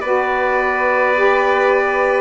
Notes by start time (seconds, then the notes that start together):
0.00 B3 F#4 B4 D5
1.15 G4